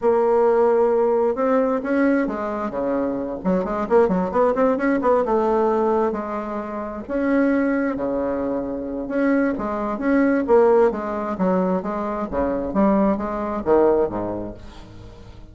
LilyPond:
\new Staff \with { instrumentName = "bassoon" } { \time 4/4 \tempo 4 = 132 ais2. c'4 | cis'4 gis4 cis4. fis8 | gis8 ais8 fis8 b8 c'8 cis'8 b8 a8~ | a4. gis2 cis'8~ |
cis'4. cis2~ cis8 | cis'4 gis4 cis'4 ais4 | gis4 fis4 gis4 cis4 | g4 gis4 dis4 gis,4 | }